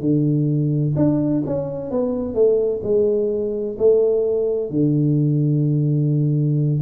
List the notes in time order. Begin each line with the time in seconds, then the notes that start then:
0.00 D3
0.96 D4
1.46 C#4
1.90 B3
2.34 A3
2.83 G#3
3.78 A3
4.70 D3